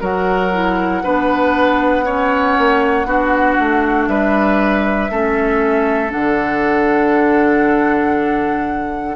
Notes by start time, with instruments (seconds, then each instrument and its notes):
0.00 bassoon F#3, clarinet F#4, oboe A#4, flute F#5
0.53 clarinet E4
1.03 bassoon B3, clarinet D4, oboe B4
2.05 clarinet C#4, oboe C#5
2.58 bassoon A#3
3.05 bassoon B3, clarinet D4, oboe F#4
3.59 bassoon A3
4.07 bassoon G3, oboe B4, flute E5
5.10 bassoon A3, clarinet C#4, oboe A4
6.10 bassoon D3, clarinet D4, flute F#5